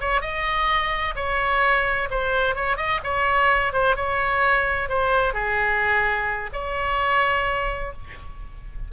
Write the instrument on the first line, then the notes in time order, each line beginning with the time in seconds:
oboe
0.00 C#5
0.21 D#5
1.15 C#5
2.10 C5
2.55 C#5
2.77 D#5
3.03 C#5
3.73 C5
3.96 C#5
4.88 C5
5.33 G#4
6.52 C#5